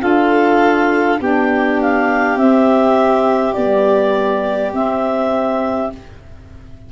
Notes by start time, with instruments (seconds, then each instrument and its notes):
0.00 tuba D4, saxophone F4, violin A4, clarinet F5
1.21 tuba B3, saxophone D4, violin G4, clarinet G5
1.81 clarinet F5
2.36 tuba C4, saxophone C4, clarinet E5
3.54 saxophone G3, tuba B3, clarinet D5
4.73 tuba C4, saxophone C4, clarinet E5